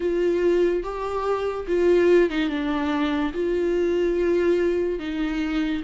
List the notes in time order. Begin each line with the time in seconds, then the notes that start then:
0.00 F4
0.83 G4
1.67 F4
2.30 D#4
2.49 D4
3.33 F4
4.99 D#4